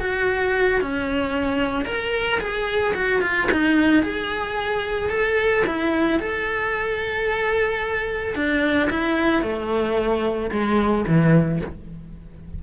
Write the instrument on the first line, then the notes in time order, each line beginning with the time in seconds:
cello
0.00 F#4
0.81 C#4
1.85 A#4
2.40 G#4
2.94 F#4
3.22 F4
3.51 D#4
4.03 G#4
5.09 A4
5.66 E4
6.19 A4
8.35 D4
8.90 E4
9.42 A3
10.51 G#3
11.07 E3